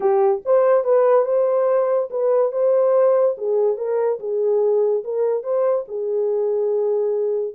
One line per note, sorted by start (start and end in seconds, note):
0.00 0.42 G4
0.45 0.84 C5
0.84 1.25 B4
1.25 2.09 C5
2.10 2.52 B4
2.52 3.36 C5
3.37 3.77 G#4
3.77 4.19 A#4
4.19 5.03 G#4
5.04 5.43 A#4
5.43 5.85 C5
5.87 7.54 G#4